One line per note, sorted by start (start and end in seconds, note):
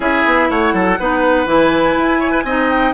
0.00 0.23 C#4
0.00 0.98 E4
0.00 0.49 G#4
0.00 0.50 E5
0.25 0.49 B3
0.50 0.73 A3
0.50 0.74 C#5
0.50 1.48 F#5
0.73 0.97 F#3
0.73 0.98 A4
0.99 1.45 B3
0.99 1.46 D#4
0.99 2.19 B4
1.45 1.94 E3
1.45 2.44 E4
1.45 2.69 G#5
1.97 2.44 E4
2.19 2.31 C#5
2.31 2.43 B4
2.44 2.93 C4
2.44 2.94 D#4
2.44 2.94 D#5
2.69 2.93 G5